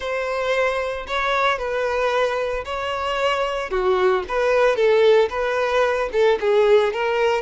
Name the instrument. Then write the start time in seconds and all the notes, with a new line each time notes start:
violin
0.00 C5
1.07 C#5
1.58 B4
2.65 C#5
3.70 F#4
4.28 B4
4.75 A4
5.29 B4
6.12 A4
6.40 G#4
6.93 A#4